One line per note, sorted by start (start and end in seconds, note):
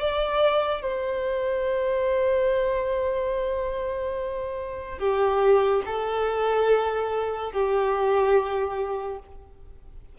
0.00 0.82 D5
0.82 4.99 C5
4.99 5.83 G4
5.86 7.53 A4
7.53 9.19 G4